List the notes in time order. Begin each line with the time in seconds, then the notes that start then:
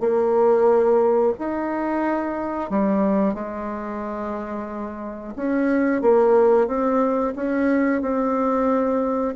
0.00 A#3
1.39 D#4
2.70 G3
3.34 G#3
5.36 C#4
6.02 A#3
6.67 C4
7.35 C#4
8.02 C4